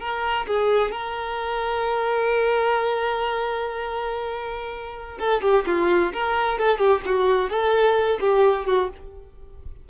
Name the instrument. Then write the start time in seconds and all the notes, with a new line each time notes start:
violin
0.00 A#4
0.47 G#4
0.91 A#4
5.19 A4
5.42 G4
5.66 F4
6.13 A#4
6.59 A4
6.78 G4
7.05 F#4
7.50 A4
8.20 G4
8.66 F#4